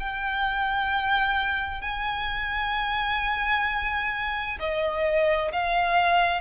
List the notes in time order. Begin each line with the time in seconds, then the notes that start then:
0.00 G5
1.81 G#5
4.60 D#5
5.53 F5